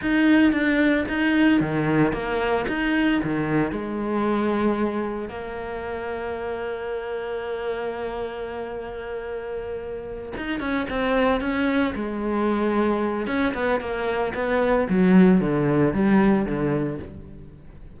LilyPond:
\new Staff \with { instrumentName = "cello" } { \time 4/4 \tempo 4 = 113 dis'4 d'4 dis'4 dis4 | ais4 dis'4 dis4 gis4~ | gis2 ais2~ | ais1~ |
ais2.~ ais8 dis'8 | cis'8 c'4 cis'4 gis4.~ | gis4 cis'8 b8 ais4 b4 | fis4 d4 g4 d4 | }